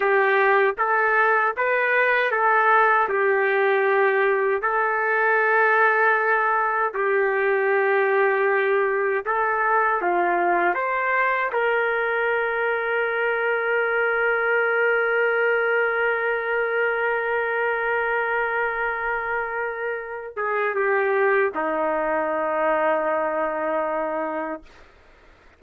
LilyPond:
\new Staff \with { instrumentName = "trumpet" } { \time 4/4 \tempo 4 = 78 g'4 a'4 b'4 a'4 | g'2 a'2~ | a'4 g'2. | a'4 f'4 c''4 ais'4~ |
ais'1~ | ais'1~ | ais'2~ ais'8 gis'8 g'4 | dis'1 | }